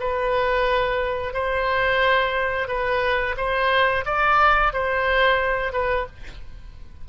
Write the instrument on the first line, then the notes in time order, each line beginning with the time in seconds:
oboe
0.00 B4
1.33 C5
2.68 B4
3.37 C5
4.06 D5
4.73 C5
5.72 B4